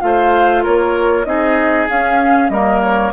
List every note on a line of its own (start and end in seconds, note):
0.00 0.65 A3
0.00 1.25 F4
0.00 0.63 C5
0.00 0.63 F5
0.63 1.26 A#3
0.63 1.26 A#4
0.63 1.25 C#5
1.25 1.88 C4
1.25 1.87 D#4
1.25 2.52 G#4
1.25 1.87 D#5
1.89 2.49 C#4
1.89 2.52 C#4
1.89 2.49 F5
2.49 3.12 G3
2.49 3.13 A#3
2.49 3.13 A#4
2.49 2.80 D#5
2.82 3.13 C#5